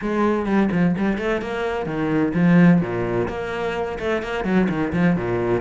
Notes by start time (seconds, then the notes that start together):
0.01 G#3
0.45 G3
0.71 F3
0.98 G3
1.18 A3
1.41 A#3
1.86 D#3
2.34 F3
2.81 A#2
3.28 A#3
3.99 A3
4.22 A#3
4.44 F#3
4.69 D#3
4.92 F3
5.16 A#2